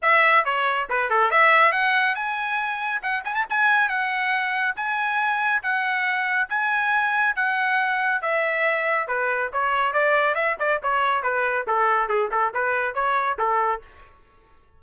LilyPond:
\new Staff \with { instrumentName = "trumpet" } { \time 4/4 \tempo 4 = 139 e''4 cis''4 b'8 a'8 e''4 | fis''4 gis''2 fis''8 gis''16 a''16 | gis''4 fis''2 gis''4~ | gis''4 fis''2 gis''4~ |
gis''4 fis''2 e''4~ | e''4 b'4 cis''4 d''4 | e''8 d''8 cis''4 b'4 a'4 | gis'8 a'8 b'4 cis''4 a'4 | }